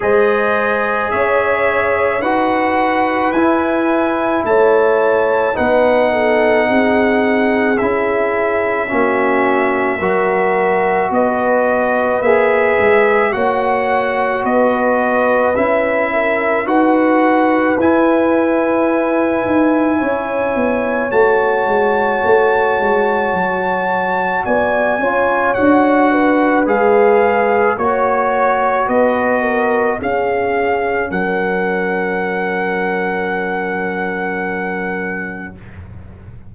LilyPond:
<<
  \new Staff \with { instrumentName = "trumpet" } { \time 4/4 \tempo 4 = 54 dis''4 e''4 fis''4 gis''4 | a''4 fis''2 e''4~ | e''2 dis''4 e''4 | fis''4 dis''4 e''4 fis''4 |
gis''2. a''4~ | a''2 gis''4 fis''4 | f''4 cis''4 dis''4 f''4 | fis''1 | }
  \new Staff \with { instrumentName = "horn" } { \time 4/4 c''4 cis''4 b'2 | cis''4 b'8 a'8 gis'2 | fis'4 ais'4 b'2 | cis''4 b'4. ais'8 b'4~ |
b'2 cis''2~ | cis''2 d''8 cis''4 b'8~ | b'4 cis''4 b'8 ais'8 gis'4 | ais'1 | }
  \new Staff \with { instrumentName = "trombone" } { \time 4/4 gis'2 fis'4 e'4~ | e'4 dis'2 e'4 | cis'4 fis'2 gis'4 | fis'2 e'4 fis'4 |
e'2. fis'4~ | fis'2~ fis'8 f'8 fis'4 | gis'4 fis'2 cis'4~ | cis'1 | }
  \new Staff \with { instrumentName = "tuba" } { \time 4/4 gis4 cis'4 dis'4 e'4 | a4 b4 c'4 cis'4 | ais4 fis4 b4 ais8 gis8 | ais4 b4 cis'4 dis'4 |
e'4. dis'8 cis'8 b8 a8 gis8 | a8 gis8 fis4 b8 cis'8 d'4 | gis4 ais4 b4 cis'4 | fis1 | }
>>